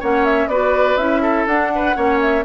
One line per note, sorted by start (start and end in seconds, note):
0.00 0.47 A#3
0.00 0.51 C#4
0.00 0.49 C#5
0.00 0.25 F#5
0.25 0.48 E5
0.47 0.96 B3
0.47 0.99 F#4
0.47 1.22 B4
0.47 0.97 D5
0.96 1.45 C#4
0.96 1.48 E4
0.96 1.46 E5
1.22 1.71 A4
1.47 1.95 D4
1.47 2.20 F#5
1.75 1.96 B4
1.95 2.45 A#3
1.95 2.44 C#4
1.95 2.45 C#5
2.21 2.45 E5